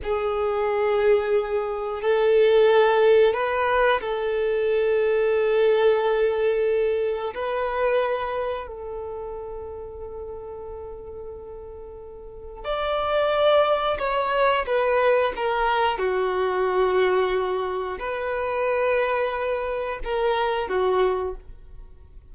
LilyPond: \new Staff \with { instrumentName = "violin" } { \time 4/4 \tempo 4 = 90 gis'2. a'4~ | a'4 b'4 a'2~ | a'2. b'4~ | b'4 a'2.~ |
a'2. d''4~ | d''4 cis''4 b'4 ais'4 | fis'2. b'4~ | b'2 ais'4 fis'4 | }